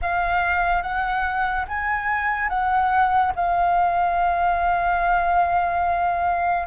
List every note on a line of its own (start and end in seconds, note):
0.01 0.82 F5
0.82 1.65 F#5
1.68 2.48 G#5
2.48 3.32 F#5
3.35 6.67 F5